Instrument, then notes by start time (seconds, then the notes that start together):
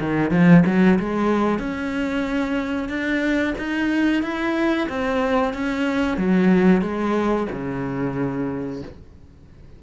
cello
0.00 D#3
0.31 F3
0.66 F#3
0.99 G#3
1.59 C#4
2.89 D4
3.58 D#4
4.23 E4
4.89 C4
5.54 C#4
6.17 F#3
6.82 G#3
7.52 C#3